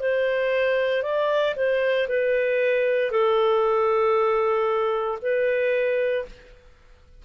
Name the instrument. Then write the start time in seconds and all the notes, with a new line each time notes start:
clarinet
0.00 C5
1.03 D5
1.56 C5
2.08 B4
3.11 A4
5.21 B4